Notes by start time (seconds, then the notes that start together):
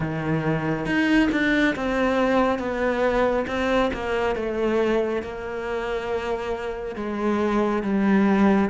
0.00 D#3
0.85 D#4
1.31 D4
1.75 C4
2.58 B3
3.47 C4
3.93 A#3
4.35 A3
5.22 A#3
6.95 G#3
7.83 G3